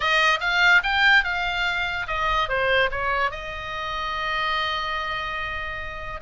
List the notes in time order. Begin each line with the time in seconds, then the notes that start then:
0.00 D#5
0.40 F5
0.83 G5
1.24 F5
2.07 D#5
2.48 C5
2.91 C#5
3.30 D#5